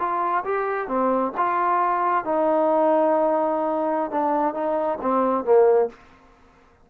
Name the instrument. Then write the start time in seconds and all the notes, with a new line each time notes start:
trombone
0.00 F4
0.45 G4
0.88 C4
1.37 F4
2.25 D#4
4.12 D4
4.55 D#4
5.02 C4
5.45 A#3